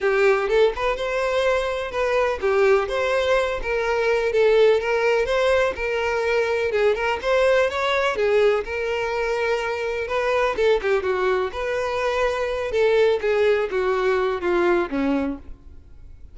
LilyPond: \new Staff \with { instrumentName = "violin" } { \time 4/4 \tempo 4 = 125 g'4 a'8 b'8 c''2 | b'4 g'4 c''4. ais'8~ | ais'4 a'4 ais'4 c''4 | ais'2 gis'8 ais'8 c''4 |
cis''4 gis'4 ais'2~ | ais'4 b'4 a'8 g'8 fis'4 | b'2~ b'8 a'4 gis'8~ | gis'8 fis'4. f'4 cis'4 | }